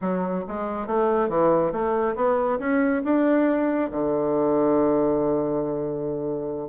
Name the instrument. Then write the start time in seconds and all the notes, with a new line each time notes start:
bassoon
0.01 F#3
0.48 G#3
0.86 A3
1.28 E3
1.72 A3
2.15 B3
2.59 C#4
3.04 D4
3.91 D3